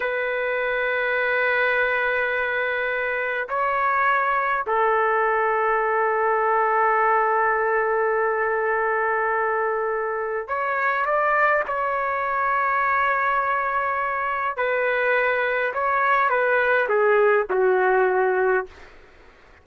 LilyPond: \new Staff \with { instrumentName = "trumpet" } { \time 4/4 \tempo 4 = 103 b'1~ | b'2 cis''2 | a'1~ | a'1~ |
a'2 cis''4 d''4 | cis''1~ | cis''4 b'2 cis''4 | b'4 gis'4 fis'2 | }